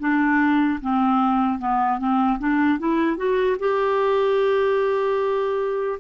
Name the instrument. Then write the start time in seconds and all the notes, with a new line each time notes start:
clarinet
0.00 D4
0.81 C4
1.59 B3
1.99 C4
2.39 D4
2.79 E4
3.17 F#4
3.60 G4